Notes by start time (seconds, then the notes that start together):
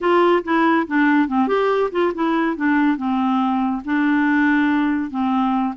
0.00 F4
0.44 E4
0.87 D4
1.27 C4
1.47 G4
1.91 F4
2.14 E4
2.56 D4
2.97 C4
3.84 D4
5.10 C4